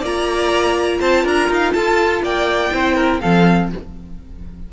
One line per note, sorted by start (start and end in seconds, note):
0.00 1.00 A#3
0.00 2.72 F4
0.00 0.98 D5
0.00 1.01 A#5
1.00 1.24 C4
1.00 1.23 C5
1.00 1.25 A5
1.23 1.49 D4
1.23 1.72 A#4
1.23 1.52 A#5
1.49 1.74 D#4
1.49 1.72 F5
1.72 2.22 F4
1.72 2.22 A4
1.72 2.21 A5
2.22 2.71 A#3
2.22 2.73 D5
2.22 3.20 G5
2.72 3.21 C4
2.72 3.21 E4
2.72 2.95 C5
2.95 3.20 A#4
3.20 3.72 F3
3.20 3.71 C4
3.20 3.70 A4
3.20 3.69 F5